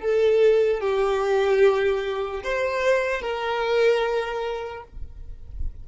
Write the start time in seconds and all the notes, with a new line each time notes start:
0.00 A4
0.81 G4
2.44 C5
3.22 A#4